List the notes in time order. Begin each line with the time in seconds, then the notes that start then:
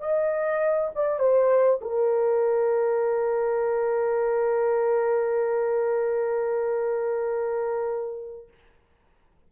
0.00 D#5
0.95 D5
1.20 C5
1.81 A#4